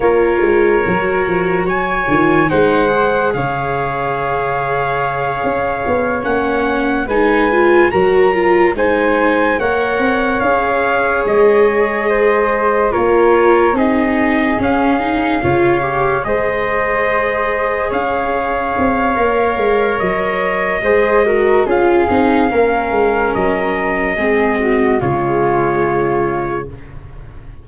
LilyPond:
<<
  \new Staff \with { instrumentName = "trumpet" } { \time 4/4 \tempo 4 = 72 cis''2 gis''4 fis''4 | f''2.~ f''8 fis''8~ | fis''8 gis''4 ais''4 gis''4 fis''8~ | fis''8 f''4 dis''2 cis''8~ |
cis''8 dis''4 f''2 dis''8~ | dis''4. f''2~ f''8 | dis''2 f''2 | dis''2 cis''2 | }
  \new Staff \with { instrumentName = "flute" } { \time 4/4 ais'2 cis''4 c''4 | cis''1~ | cis''8 b'4 ais'4 c''4 cis''8~ | cis''2~ cis''8 c''4 ais'8~ |
ais'8 gis'2 cis''4 c''8~ | c''4. cis''2~ cis''8~ | cis''4 c''8 ais'8 gis'4 ais'4~ | ais'4 gis'8 fis'8 f'2 | }
  \new Staff \with { instrumentName = "viola" } { \time 4/4 f'4 fis'4. f'8 dis'8 gis'8~ | gis'2.~ gis'8 cis'8~ | cis'8 dis'8 f'8 fis'8 f'8 dis'4 ais'8~ | ais'8 gis'2. f'8~ |
f'8 dis'4 cis'8 dis'8 f'8 g'8 gis'8~ | gis'2. ais'4~ | ais'4 gis'8 fis'8 f'8 dis'8 cis'4~ | cis'4 c'4 gis2 | }
  \new Staff \with { instrumentName = "tuba" } { \time 4/4 ais8 gis8 fis8 f8 fis8 dis8 gis4 | cis2~ cis8 cis'8 b8 ais8~ | ais8 gis4 fis4 gis4 ais8 | c'8 cis'4 gis2 ais8~ |
ais8 c'4 cis'4 cis4 gis8~ | gis4. cis'4 c'8 ais8 gis8 | fis4 gis4 cis'8 c'8 ais8 gis8 | fis4 gis4 cis2 | }
>>